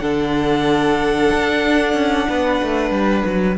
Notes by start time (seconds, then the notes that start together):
0.00 D3 D4 A4 F#5
1.33 D4
1.94 C#4
2.29 B3 B4
2.62 A3
2.91 G3
3.25 F#3